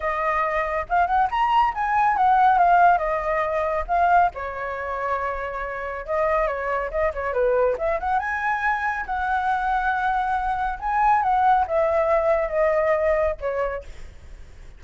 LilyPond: \new Staff \with { instrumentName = "flute" } { \time 4/4 \tempo 4 = 139 dis''2 f''8 fis''8 ais''4 | gis''4 fis''4 f''4 dis''4~ | dis''4 f''4 cis''2~ | cis''2 dis''4 cis''4 |
dis''8 cis''8 b'4 e''8 fis''8 gis''4~ | gis''4 fis''2.~ | fis''4 gis''4 fis''4 e''4~ | e''4 dis''2 cis''4 | }